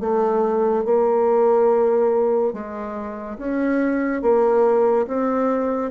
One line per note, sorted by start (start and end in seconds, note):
0.00 0.85 A3
0.85 2.53 A#3
2.53 3.38 G#3
3.38 4.22 C#4
4.22 5.06 A#3
5.07 5.91 C4